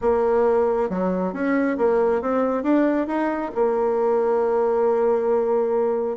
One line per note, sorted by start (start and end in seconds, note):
0.01 0.89 A#3
0.89 1.33 F#3
1.33 1.77 C#4
1.77 2.21 A#3
2.21 2.63 C4
2.63 3.07 D4
3.07 3.51 D#4
3.55 6.17 A#3